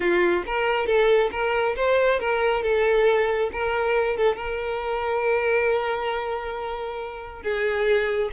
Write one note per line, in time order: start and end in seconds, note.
0.00 0.43 F4
0.46 0.86 A#4
0.86 1.30 A4
1.31 1.75 A#4
1.76 2.19 C5
2.19 2.63 A#4
2.63 3.50 A4
3.52 4.16 A#4
4.16 4.36 A4
4.36 7.42 A#4
7.42 8.30 G#4